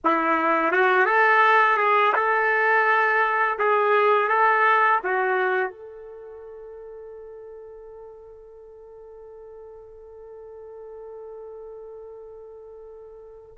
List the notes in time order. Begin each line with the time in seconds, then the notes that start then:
0.04 E4
0.72 F#4
1.05 A4
1.77 G#4
2.15 A4
3.58 G#4
4.28 A4
5.03 F#4
5.69 A4